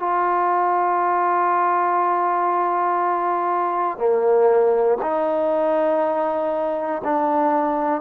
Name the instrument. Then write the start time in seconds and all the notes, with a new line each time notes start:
trombone
0.00 F4
3.98 A#3
5.02 D#4
7.05 D4